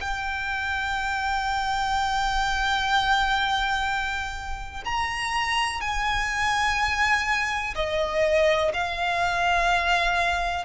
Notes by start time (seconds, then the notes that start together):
0.00 G5
4.84 A#5
5.80 G#5
7.75 D#5
8.73 F5